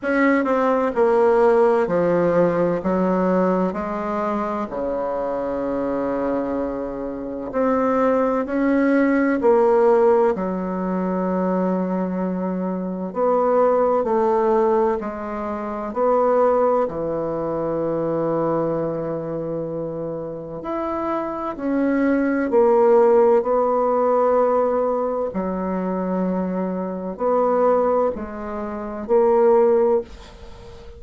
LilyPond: \new Staff \with { instrumentName = "bassoon" } { \time 4/4 \tempo 4 = 64 cis'8 c'8 ais4 f4 fis4 | gis4 cis2. | c'4 cis'4 ais4 fis4~ | fis2 b4 a4 |
gis4 b4 e2~ | e2 e'4 cis'4 | ais4 b2 fis4~ | fis4 b4 gis4 ais4 | }